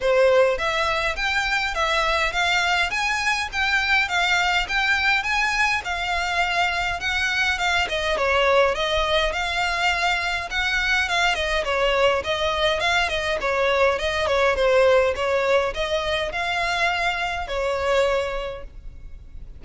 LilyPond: \new Staff \with { instrumentName = "violin" } { \time 4/4 \tempo 4 = 103 c''4 e''4 g''4 e''4 | f''4 gis''4 g''4 f''4 | g''4 gis''4 f''2 | fis''4 f''8 dis''8 cis''4 dis''4 |
f''2 fis''4 f''8 dis''8 | cis''4 dis''4 f''8 dis''8 cis''4 | dis''8 cis''8 c''4 cis''4 dis''4 | f''2 cis''2 | }